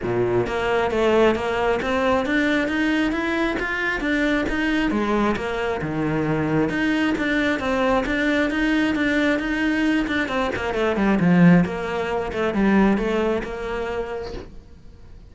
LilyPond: \new Staff \with { instrumentName = "cello" } { \time 4/4 \tempo 4 = 134 ais,4 ais4 a4 ais4 | c'4 d'4 dis'4 e'4 | f'4 d'4 dis'4 gis4 | ais4 dis2 dis'4 |
d'4 c'4 d'4 dis'4 | d'4 dis'4. d'8 c'8 ais8 | a8 g8 f4 ais4. a8 | g4 a4 ais2 | }